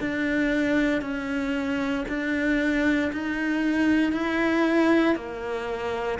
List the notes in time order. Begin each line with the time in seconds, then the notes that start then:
0.00 D4
1.01 C#4
2.08 D4
3.12 D#4
4.12 E4
5.15 A#3